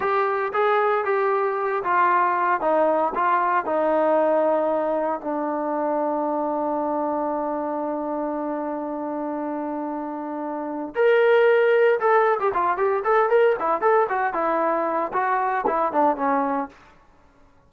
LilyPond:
\new Staff \with { instrumentName = "trombone" } { \time 4/4 \tempo 4 = 115 g'4 gis'4 g'4. f'8~ | f'4 dis'4 f'4 dis'4~ | dis'2 d'2~ | d'1~ |
d'1~ | d'4 ais'2 a'8. g'16 | f'8 g'8 a'8 ais'8 e'8 a'8 fis'8 e'8~ | e'4 fis'4 e'8 d'8 cis'4 | }